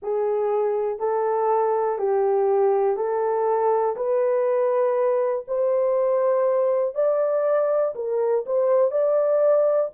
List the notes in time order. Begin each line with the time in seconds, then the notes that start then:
0.02 G#4
0.99 A4
1.98 G4
2.96 A4
3.96 B4
5.47 C5
6.94 D5
7.95 A#4
8.45 C5
8.91 D5